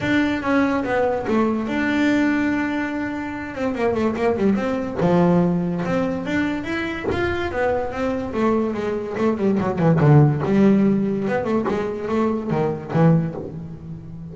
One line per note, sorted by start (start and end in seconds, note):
0.00 0.42 D4
0.42 0.84 C#4
0.84 1.26 B3
1.27 1.67 A3
1.67 3.54 D4
3.54 3.74 C4
3.74 3.94 A#3
3.94 4.15 A3
4.16 4.36 A#3
4.37 4.55 G3
4.55 4.97 C4
5.00 5.84 F3
5.85 6.25 C4
6.25 6.64 D4
6.64 7.05 E4
7.11 7.51 F4
7.51 7.91 B3
7.91 8.33 C4
8.33 8.74 A3
8.74 9.16 G#3
9.17 9.37 A3
9.37 9.58 G3
9.59 9.78 F#3
9.78 9.99 E3
10.00 10.42 D3
10.44 11.27 G3
11.27 11.44 B3
11.44 11.65 A3
11.68 12.08 G#3
12.08 12.50 A3
12.50 12.92 D#3
12.93 13.34 E3